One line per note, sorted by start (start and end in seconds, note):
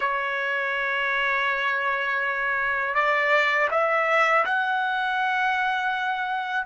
0.00 2.94 C#5
2.94 3.68 D5
3.70 4.44 E5
4.45 6.66 F#5